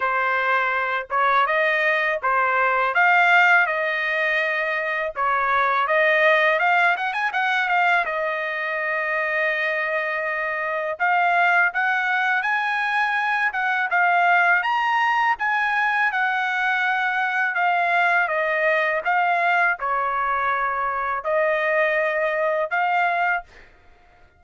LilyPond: \new Staff \with { instrumentName = "trumpet" } { \time 4/4 \tempo 4 = 82 c''4. cis''8 dis''4 c''4 | f''4 dis''2 cis''4 | dis''4 f''8 fis''16 gis''16 fis''8 f''8 dis''4~ | dis''2. f''4 |
fis''4 gis''4. fis''8 f''4 | ais''4 gis''4 fis''2 | f''4 dis''4 f''4 cis''4~ | cis''4 dis''2 f''4 | }